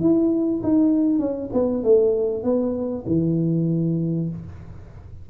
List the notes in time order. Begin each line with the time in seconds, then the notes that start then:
0.00 E4
0.63 D#4
1.19 C#4
1.53 B3
1.83 A3
2.43 B3
3.06 E3